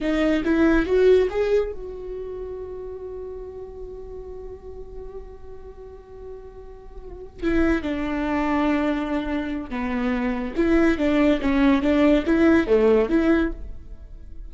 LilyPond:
\new Staff \with { instrumentName = "viola" } { \time 4/4 \tempo 4 = 142 dis'4 e'4 fis'4 gis'4 | fis'1~ | fis'1~ | fis'1~ |
fis'4. e'4 d'4.~ | d'2. b4~ | b4 e'4 d'4 cis'4 | d'4 e'4 a4 e'4 | }